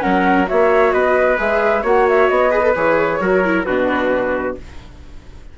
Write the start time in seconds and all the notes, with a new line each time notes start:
0.00 F#3 C#4 A#4 F#5
0.47 A#3 F#4 C#5 E5
0.93 B3 B4 D#5
1.38 G#3 G#4 E5
1.83 A#3 F#4 C#5 F#5
2.09 E5
2.29 B3 D#5
2.51 G#4 B4
2.63 A4
2.76 E3 G#4 C#5
3.21 F#3 F#4 A#4
3.45 E4
3.64 B2 D4 F#4 B4